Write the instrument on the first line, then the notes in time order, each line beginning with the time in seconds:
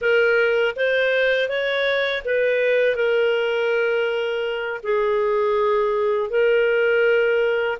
clarinet
0.01 A#4
0.75 C5
1.48 C#5
2.24 B4
2.95 A#4
4.83 G#4
6.30 A#4